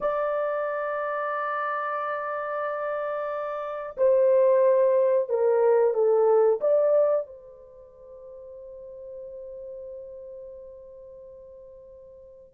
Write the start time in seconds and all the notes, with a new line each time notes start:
0.00 D5
3.97 C5
5.29 A#4
5.93 A4
6.60 D5
7.26 C5